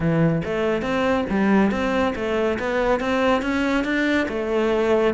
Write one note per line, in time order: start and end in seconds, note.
0.00 0.42 E3
0.44 0.81 A3
0.81 1.24 C4
1.29 1.71 G3
1.71 2.14 C4
2.15 2.58 A3
2.59 3.00 B3
3.00 3.42 C4
3.42 3.84 C#4
3.84 4.27 D4
4.28 5.14 A3